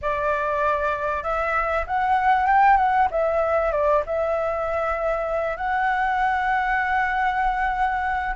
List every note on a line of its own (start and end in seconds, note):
0.01 1.23 D5
1.23 1.85 E5
1.86 2.47 F#5
2.47 2.77 G5
2.77 3.08 F#5
3.10 3.72 E5
3.72 4.03 D5
4.05 5.56 E5
5.56 8.35 F#5